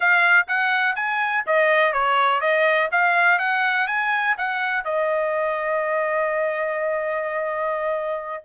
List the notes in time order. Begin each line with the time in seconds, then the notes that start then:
0.00 F5
0.47 F#5
0.95 G#5
1.46 D#5
1.92 C#5
2.40 D#5
2.91 F5
3.38 F#5
3.87 G#5
4.37 F#5
4.84 D#5